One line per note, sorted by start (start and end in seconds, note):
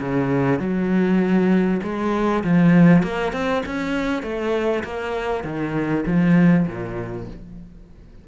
0.00 0.60 C#3
0.60 1.81 F#3
1.83 2.44 G#3
2.44 3.03 F3
3.03 3.33 A#3
3.33 3.63 C4
3.66 4.23 C#4
4.23 4.83 A3
4.84 5.44 A#3
5.44 6.05 D#3
6.06 6.67 F3
6.67 7.28 A#2